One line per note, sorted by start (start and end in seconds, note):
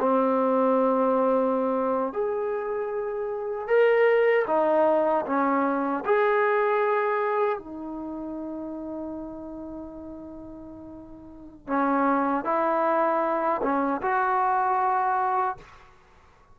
0.00 2.13 C4
2.13 3.68 G#4
3.68 4.46 A#4
4.48 5.26 D#4
5.27 6.05 C#4
6.06 7.59 G#4
7.59 11.68 D#4
11.68 12.45 C#4
12.45 13.62 E4
13.63 14.02 C#4
14.02 15.58 F#4